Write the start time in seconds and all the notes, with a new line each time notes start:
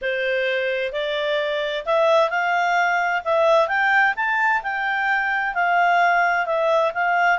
0.01 C5
0.92 D5
1.85 E5
2.30 F5
3.24 E5
3.68 G5
4.16 A5
4.62 G5
5.54 F5
6.46 E5
6.94 F5